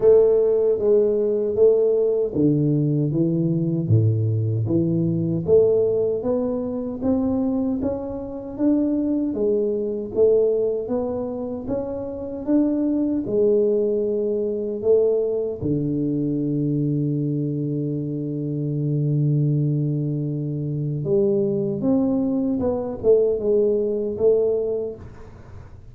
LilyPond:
\new Staff \with { instrumentName = "tuba" } { \time 4/4 \tempo 4 = 77 a4 gis4 a4 d4 | e4 a,4 e4 a4 | b4 c'4 cis'4 d'4 | gis4 a4 b4 cis'4 |
d'4 gis2 a4 | d1~ | d2. g4 | c'4 b8 a8 gis4 a4 | }